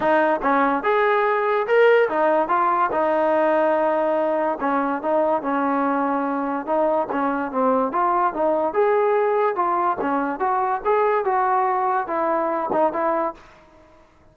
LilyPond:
\new Staff \with { instrumentName = "trombone" } { \time 4/4 \tempo 4 = 144 dis'4 cis'4 gis'2 | ais'4 dis'4 f'4 dis'4~ | dis'2. cis'4 | dis'4 cis'2. |
dis'4 cis'4 c'4 f'4 | dis'4 gis'2 f'4 | cis'4 fis'4 gis'4 fis'4~ | fis'4 e'4. dis'8 e'4 | }